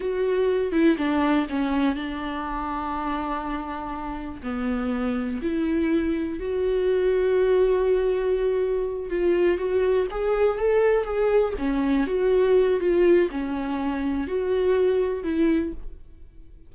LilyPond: \new Staff \with { instrumentName = "viola" } { \time 4/4 \tempo 4 = 122 fis'4. e'8 d'4 cis'4 | d'1~ | d'4 b2 e'4~ | e'4 fis'2.~ |
fis'2~ fis'8 f'4 fis'8~ | fis'8 gis'4 a'4 gis'4 cis'8~ | cis'8 fis'4. f'4 cis'4~ | cis'4 fis'2 e'4 | }